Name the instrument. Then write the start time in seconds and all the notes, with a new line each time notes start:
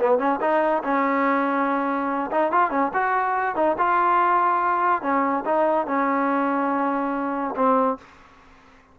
trombone
0.00 B3
0.19 C#4
0.41 D#4
0.84 C#4
2.31 D#4
2.52 F4
2.71 C#4
2.94 F#4
3.56 D#4
3.78 F4
5.02 C#4
5.45 D#4
5.87 C#4
7.56 C4